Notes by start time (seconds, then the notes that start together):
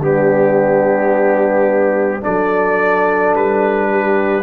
0.00 G3 B3 D4 G4
2.21 D4 A4 D5
2.27 F#3
3.34 G3 B4
3.90 G4